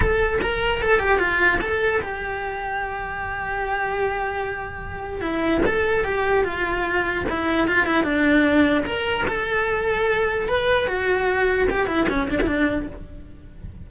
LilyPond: \new Staff \with { instrumentName = "cello" } { \time 4/4 \tempo 4 = 149 a'4 ais'4 a'8 g'8 f'4 | a'4 g'2.~ | g'1~ | g'4 e'4 a'4 g'4 |
f'2 e'4 f'8 e'8 | d'2 ais'4 a'4~ | a'2 b'4 fis'4~ | fis'4 g'8 e'8 cis'8 d'16 e'16 d'4 | }